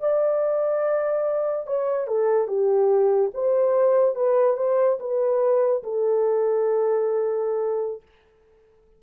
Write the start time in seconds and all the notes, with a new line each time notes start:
0.00 D5
1.67 C#5
2.07 A4
2.48 G4
3.34 C5
4.15 B4
4.57 C5
5.00 B4
5.83 A4